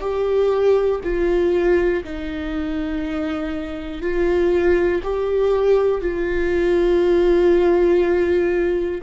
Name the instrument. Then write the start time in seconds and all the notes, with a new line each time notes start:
viola
0.00 G4
1.03 F4
2.04 D#4
4.01 F4
5.03 G4
6.01 F4